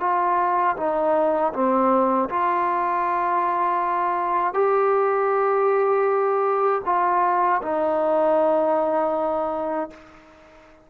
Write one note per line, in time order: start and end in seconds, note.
0.00 0.76 F4
0.76 1.52 D#4
1.53 2.29 C4
2.29 4.54 F4
4.54 6.81 G4
6.85 7.61 F4
7.62 9.90 D#4